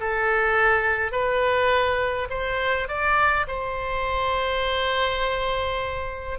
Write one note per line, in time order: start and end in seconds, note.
0.00 1.11 A4
1.11 2.28 B4
2.30 2.88 C5
2.88 3.46 D5
3.47 6.38 C5